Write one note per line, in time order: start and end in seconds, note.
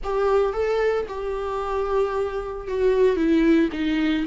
0.03 0.53 G4
0.53 1.06 A4
1.08 2.67 G4
2.67 3.16 F#4
3.16 3.69 E4
3.72 4.25 D#4